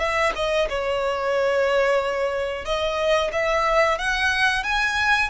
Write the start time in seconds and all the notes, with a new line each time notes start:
0.00 E5
0.36 D#5
0.70 C#5
2.65 D#5
3.33 E5
3.99 F#5
4.64 G#5